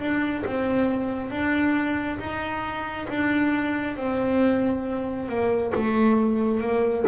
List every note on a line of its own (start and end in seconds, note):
0.00 0.44 D4
0.46 1.31 C4
1.31 2.19 D4
2.19 3.08 D#4
3.09 3.97 D4
3.97 5.29 C4
5.29 5.73 A#3
5.75 6.61 A3
6.61 7.05 A#3